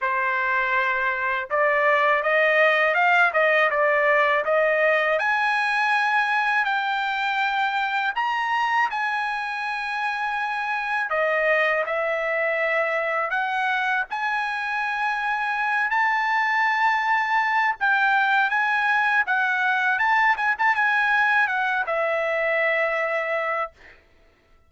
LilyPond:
\new Staff \with { instrumentName = "trumpet" } { \time 4/4 \tempo 4 = 81 c''2 d''4 dis''4 | f''8 dis''8 d''4 dis''4 gis''4~ | gis''4 g''2 ais''4 | gis''2. dis''4 |
e''2 fis''4 gis''4~ | gis''4. a''2~ a''8 | g''4 gis''4 fis''4 a''8 gis''16 a''16 | gis''4 fis''8 e''2~ e''8 | }